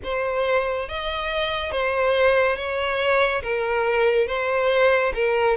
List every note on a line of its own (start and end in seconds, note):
0.04 0.88 C5
0.88 1.71 D#5
1.71 2.56 C5
2.56 3.42 C#5
3.42 4.27 A#4
4.27 5.12 C5
5.14 5.56 A#4